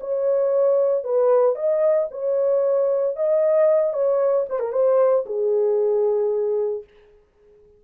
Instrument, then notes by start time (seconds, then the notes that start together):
horn
0.00 C#5
1.04 B4
1.55 D#5
2.11 C#5
3.16 D#5
3.93 C#5
4.49 C5
4.59 A#4
4.72 C5
5.25 G#4